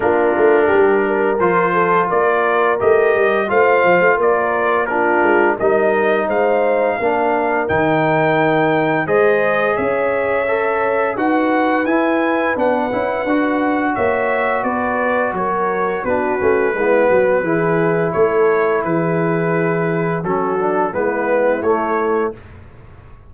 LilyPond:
<<
  \new Staff \with { instrumentName = "trumpet" } { \time 4/4 \tempo 4 = 86 ais'2 c''4 d''4 | dis''4 f''4 d''4 ais'4 | dis''4 f''2 g''4~ | g''4 dis''4 e''2 |
fis''4 gis''4 fis''2 | e''4 d''4 cis''4 b'4~ | b'2 cis''4 b'4~ | b'4 a'4 b'4 cis''4 | }
  \new Staff \with { instrumentName = "horn" } { \time 4/4 f'4 g'8 ais'4 a'8 ais'4~ | ais'4 c''4 ais'4 f'4 | ais'4 c''4 ais'2~ | ais'4 c''4 cis''2 |
b'1 | cis''4 b'4 ais'4 fis'4 | e'8 fis'8 gis'4 a'4 gis'4~ | gis'4 fis'4 e'2 | }
  \new Staff \with { instrumentName = "trombone" } { \time 4/4 d'2 f'2 | g'4 f'2 d'4 | dis'2 d'4 dis'4~ | dis'4 gis'2 a'4 |
fis'4 e'4 d'8 e'8 fis'4~ | fis'2. d'8 cis'8 | b4 e'2.~ | e'4 cis'8 d'8 b4 a4 | }
  \new Staff \with { instrumentName = "tuba" } { \time 4/4 ais8 a8 g4 f4 ais4 | a8 g8 a8 f16 a16 ais4. gis8 | g4 gis4 ais4 dis4~ | dis4 gis4 cis'2 |
dis'4 e'4 b8 cis'8 d'4 | ais4 b4 fis4 b8 a8 | gis8 fis8 e4 a4 e4~ | e4 fis4 gis4 a4 | }
>>